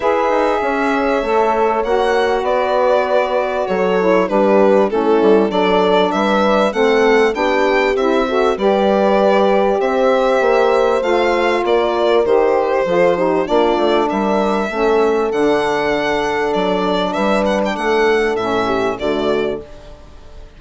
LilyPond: <<
  \new Staff \with { instrumentName = "violin" } { \time 4/4 \tempo 4 = 98 e''2. fis''4 | d''2 cis''4 b'4 | a'4 d''4 e''4 fis''4 | g''4 e''4 d''2 |
e''2 f''4 d''4 | c''2 d''4 e''4~ | e''4 fis''2 d''4 | e''8 fis''16 g''16 fis''4 e''4 d''4 | }
  \new Staff \with { instrumentName = "horn" } { \time 4/4 b'4 cis''2. | b'2 a'4 g'4 | e'4 a'4 b'4 a'4 | g'4. a'8 b'2 |
c''2. ais'4~ | ais'4 a'8 g'8 f'4 ais'4 | a'1 | b'4 a'4. g'8 fis'4 | }
  \new Staff \with { instrumentName = "saxophone" } { \time 4/4 gis'2 a'4 fis'4~ | fis'2~ fis'8 e'8 d'4 | cis'4 d'2 c'4 | d'4 e'8 fis'8 g'2~ |
g'2 f'2 | g'4 f'8 dis'8 d'2 | cis'4 d'2.~ | d'2 cis'4 a4 | }
  \new Staff \with { instrumentName = "bassoon" } { \time 4/4 e'8 dis'8 cis'4 a4 ais4 | b2 fis4 g4 | a8 g8 fis4 g4 a4 | b4 c'4 g2 |
c'4 ais4 a4 ais4 | dis4 f4 ais8 a8 g4 | a4 d2 fis4 | g4 a4 a,4 d4 | }
>>